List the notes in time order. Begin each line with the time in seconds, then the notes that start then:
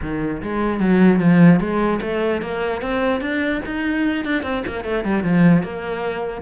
0.01 D#3
0.42 G#3
0.80 F#3
1.19 F3
1.59 G#3
2.01 A3
2.41 A#3
2.81 C4
3.20 D4
3.65 D#4
4.24 D4
4.43 C4
4.66 A#3
4.84 A3
5.04 G3
5.23 F3
5.63 A#3